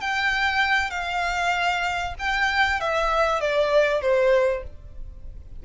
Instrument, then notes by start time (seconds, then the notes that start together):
violin
0.00 G5
0.90 F5
2.18 G5
2.80 E5
3.40 D5
4.01 C5